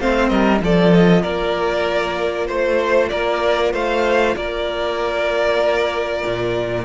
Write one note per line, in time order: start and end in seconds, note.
0.00 0.30 A3
0.00 0.60 C4
0.00 0.30 C5
0.00 0.29 F5
0.29 0.61 G3
0.29 0.62 A#4
0.29 0.60 D#5
0.60 1.24 F3
0.60 6.85 F4
0.60 1.23 A4
0.60 0.94 D5
0.94 1.23 D#5
1.23 2.49 A#3
1.23 2.47 A#4
1.23 2.48 D5
2.47 3.12 A3
2.47 3.09 C5
2.47 3.10 C5
3.10 3.74 A#3
3.10 3.73 A#4
3.10 3.72 D5
3.73 4.36 A3
3.73 4.36 C5
3.73 4.37 F5
4.37 6.24 A#3
4.37 6.85 A#4
4.37 6.85 D5
6.26 6.85 A#2